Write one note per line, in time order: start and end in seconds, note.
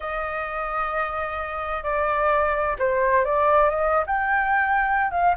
0.00 1.83 D#5
1.83 2.76 D5
2.78 3.25 C5
3.25 3.69 D5
3.69 4.04 D#5
4.06 5.11 G5
5.11 5.34 F5